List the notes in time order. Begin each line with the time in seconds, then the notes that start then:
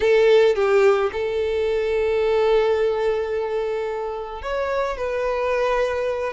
0.00 A4
0.55 G4
1.12 A4
4.42 C#5
4.97 B4